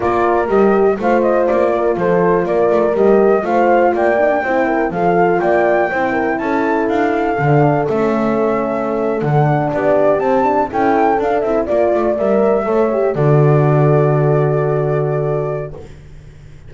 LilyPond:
<<
  \new Staff \with { instrumentName = "flute" } { \time 4/4 \tempo 4 = 122 d''4 dis''4 f''8 dis''8 d''4 | c''4 d''4 dis''4 f''4 | g''2 f''4 g''4~ | g''4 a''4 f''2 |
e''2~ e''8. fis''4 d''16~ | d''8. a''4 g''4 f''8 e''8 d''16~ | d''8. e''2 d''4~ d''16~ | d''1 | }
  \new Staff \with { instrumentName = "horn" } { \time 4/4 ais'2 c''4. ais'8 | a'4 ais'2 c''4 | d''4 c''8 ais'8 a'4 d''4 | c''8 ais'8 a'2.~ |
a'2.~ a'8. g'16~ | g'4.~ g'16 a'2 d''16~ | d''4.~ d''16 cis''4 a'4~ a'16~ | a'1 | }
  \new Staff \with { instrumentName = "horn" } { \time 4/4 f'4 g'4 f'2~ | f'2 g'4 f'4~ | f'8 dis'16 d'16 e'4 f'2 | e'2. d'4 |
cis'2~ cis'8. d'4~ d'16~ | d'8. c'8 d'8 e'4 d'8 e'8 f'16~ | f'8. ais'4 a'8 g'8 fis'4~ fis'16~ | fis'1 | }
  \new Staff \with { instrumentName = "double bass" } { \time 4/4 ais4 g4 a4 ais4 | f4 ais8 a8 g4 a4 | ais4 c'4 f4 ais4 | c'4 cis'4 d'4 d4 |
a2~ a8. d4 b16~ | b8. c'4 cis'4 d'8 c'8 ais16~ | ais16 a8 g4 a4 d4~ d16~ | d1 | }
>>